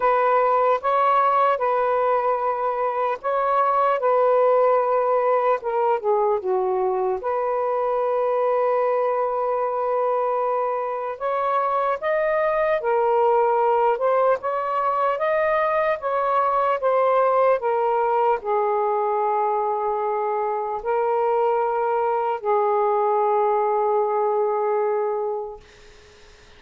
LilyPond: \new Staff \with { instrumentName = "saxophone" } { \time 4/4 \tempo 4 = 75 b'4 cis''4 b'2 | cis''4 b'2 ais'8 gis'8 | fis'4 b'2.~ | b'2 cis''4 dis''4 |
ais'4. c''8 cis''4 dis''4 | cis''4 c''4 ais'4 gis'4~ | gis'2 ais'2 | gis'1 | }